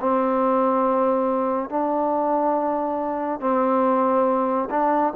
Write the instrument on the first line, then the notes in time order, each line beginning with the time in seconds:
trombone
0.00 C4
1.69 D4
3.41 C4
4.70 D4